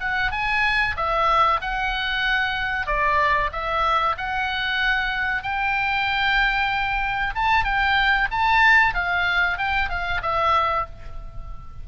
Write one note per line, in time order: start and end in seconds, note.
0.00 0.31 F#5
0.31 0.95 G#5
0.96 1.60 E5
1.60 2.86 F#5
2.86 3.50 D5
3.52 4.15 E5
4.17 5.42 F#5
5.42 7.34 G5
7.35 7.64 A5
7.64 8.28 G5
8.31 8.94 A5
8.94 9.57 F5
9.57 9.89 G5
9.89 10.21 F5
10.22 10.86 E5